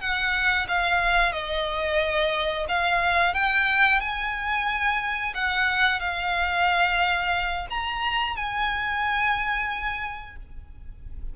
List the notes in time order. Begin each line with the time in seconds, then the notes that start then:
0.00 F#5
0.68 F5
1.32 D#5
2.68 F5
3.33 G5
4.00 G#5
5.34 F#5
6.00 F5
7.70 A#5
8.35 G#5